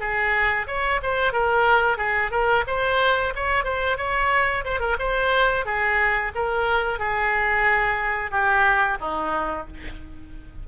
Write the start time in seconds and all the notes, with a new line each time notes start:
0.00 G#4
0.67 C#5
1.03 C5
1.33 A#4
1.98 G#4
2.31 A#4
2.67 C5
3.36 C#5
3.65 C5
3.98 C#5
4.65 C5
4.80 A#4
4.99 C5
5.65 G#4
6.35 A#4
6.99 G#4
8.32 G4
9.01 D#4